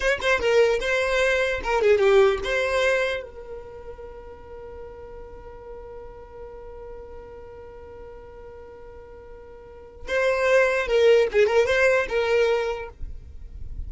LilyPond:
\new Staff \with { instrumentName = "violin" } { \time 4/4 \tempo 4 = 149 cis''8 c''8 ais'4 c''2 | ais'8 gis'8 g'4 c''2 | ais'1~ | ais'1~ |
ais'1~ | ais'1~ | ais'4 c''2 ais'4 | gis'8 ais'8 c''4 ais'2 | }